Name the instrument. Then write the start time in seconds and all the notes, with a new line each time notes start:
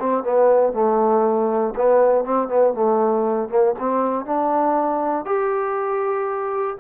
trombone
0.00 C4
0.23 B3
0.73 A3
1.76 B3
2.25 C4
2.48 B3
2.74 A3
3.49 A#3
3.79 C4
4.25 D4
5.26 G4